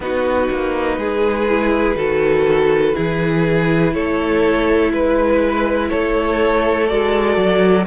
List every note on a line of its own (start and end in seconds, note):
0.00 0.49 B3
0.00 1.48 D#4
0.00 0.98 F#4
0.00 3.93 B4
0.50 0.97 A#3
0.97 1.95 G#3
0.97 1.96 G#4
1.48 1.96 E4
1.95 2.93 D#3
1.95 2.93 F#4
1.95 2.94 A4
2.93 3.95 E3
2.93 6.87 E4
2.93 3.93 G#4
3.93 4.92 A3
3.93 4.92 A4
3.93 4.92 C#5
4.92 5.90 G#3
4.92 5.89 B4
5.89 6.90 A3
5.89 7.85 A4
5.89 6.87 C#5
6.87 7.36 G#3
6.87 7.86 F#4
6.87 7.85 D5
7.36 7.86 F#3